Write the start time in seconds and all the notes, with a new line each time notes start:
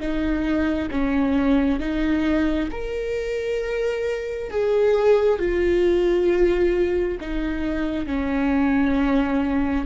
0.00 D#4
0.91 C#4
1.80 D#4
2.72 A#4
4.51 G#4
5.39 F4
7.21 D#4
8.07 C#4